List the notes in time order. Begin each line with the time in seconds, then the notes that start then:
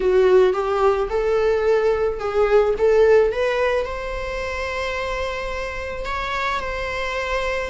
0.00 F#4
0.53 G4
1.09 A4
2.19 G#4
2.77 A4
3.32 B4
3.85 C5
6.05 C#5
6.59 C5